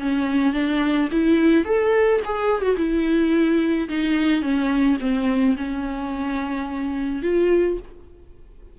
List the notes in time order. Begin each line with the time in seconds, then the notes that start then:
0.00 C#4
0.53 D4
1.11 E4
1.65 A4
2.25 G#4
2.61 F#4
2.77 E4
3.89 D#4
4.42 C#4
5.00 C4
5.57 C#4
7.22 F4